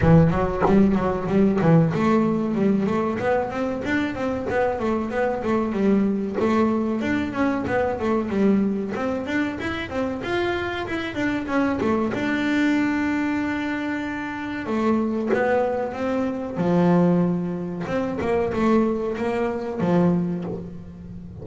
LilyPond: \new Staff \with { instrumentName = "double bass" } { \time 4/4 \tempo 4 = 94 e8 fis8 g8 fis8 g8 e8 a4 | g8 a8 b8 c'8 d'8 c'8 b8 a8 | b8 a8 g4 a4 d'8 cis'8 | b8 a8 g4 c'8 d'8 e'8 c'8 |
f'4 e'8 d'8 cis'8 a8 d'4~ | d'2. a4 | b4 c'4 f2 | c'8 ais8 a4 ais4 f4 | }